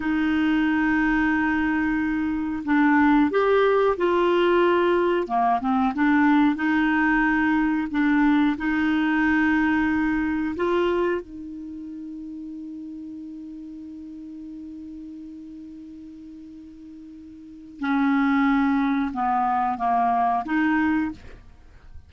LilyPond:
\new Staff \with { instrumentName = "clarinet" } { \time 4/4 \tempo 4 = 91 dis'1 | d'4 g'4 f'2 | ais8 c'8 d'4 dis'2 | d'4 dis'2. |
f'4 dis'2.~ | dis'1~ | dis'2. cis'4~ | cis'4 b4 ais4 dis'4 | }